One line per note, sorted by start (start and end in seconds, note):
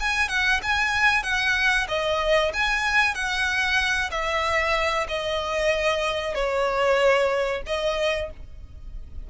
0.00 0.29 G#5
0.29 0.61 F#5
0.63 1.23 G#5
1.23 1.87 F#5
1.88 2.52 D#5
2.53 3.15 G#5
3.15 4.10 F#5
4.11 5.07 E5
5.08 6.35 D#5
6.35 7.62 C#5
7.67 8.30 D#5